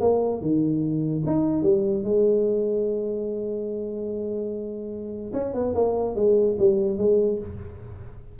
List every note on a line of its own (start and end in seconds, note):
0.00 0.41 A#3
0.41 1.23 D#3
1.26 1.62 D#4
1.62 2.03 G3
2.04 5.33 G#3
5.33 5.53 C#4
5.53 5.74 B3
5.74 6.15 A#3
6.15 6.56 G#3
6.58 6.97 G3
6.97 7.38 G#3